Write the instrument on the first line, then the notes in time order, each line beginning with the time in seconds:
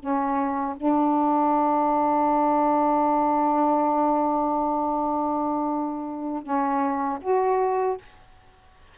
saxophone
0.00 C#4
0.77 D4
6.43 C#4
7.22 F#4